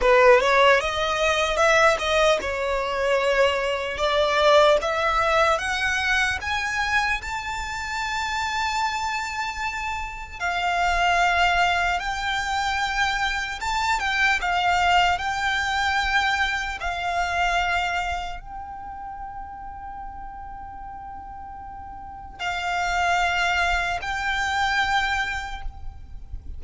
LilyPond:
\new Staff \with { instrumentName = "violin" } { \time 4/4 \tempo 4 = 75 b'8 cis''8 dis''4 e''8 dis''8 cis''4~ | cis''4 d''4 e''4 fis''4 | gis''4 a''2.~ | a''4 f''2 g''4~ |
g''4 a''8 g''8 f''4 g''4~ | g''4 f''2 g''4~ | g''1 | f''2 g''2 | }